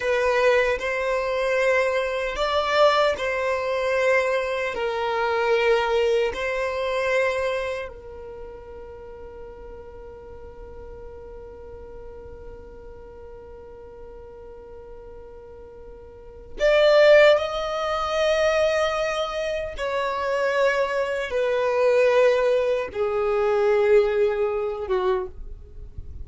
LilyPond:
\new Staff \with { instrumentName = "violin" } { \time 4/4 \tempo 4 = 76 b'4 c''2 d''4 | c''2 ais'2 | c''2 ais'2~ | ais'1~ |
ais'1~ | ais'4 d''4 dis''2~ | dis''4 cis''2 b'4~ | b'4 gis'2~ gis'8 fis'8 | }